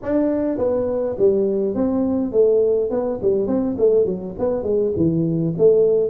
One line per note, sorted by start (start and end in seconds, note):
0.02 0.58 D4
0.58 1.16 B3
1.18 1.74 G3
1.74 2.32 C4
2.32 2.90 A3
2.90 3.19 B3
3.22 3.47 G3
3.47 3.76 C4
3.78 4.05 A3
4.05 4.34 F#3
4.38 4.63 B3
4.63 4.92 G#3
4.96 5.54 E3
5.58 6.10 A3